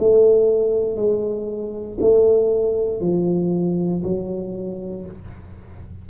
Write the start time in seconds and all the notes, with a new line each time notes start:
0.00 A3
0.97 G#3
2.01 A3
3.01 F3
4.04 F#3